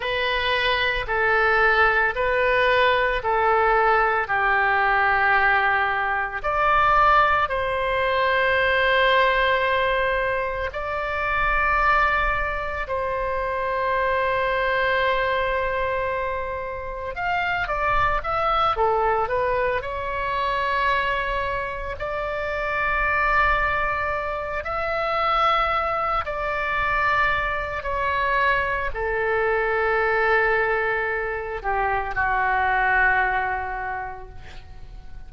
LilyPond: \new Staff \with { instrumentName = "oboe" } { \time 4/4 \tempo 4 = 56 b'4 a'4 b'4 a'4 | g'2 d''4 c''4~ | c''2 d''2 | c''1 |
f''8 d''8 e''8 a'8 b'8 cis''4.~ | cis''8 d''2~ d''8 e''4~ | e''8 d''4. cis''4 a'4~ | a'4. g'8 fis'2 | }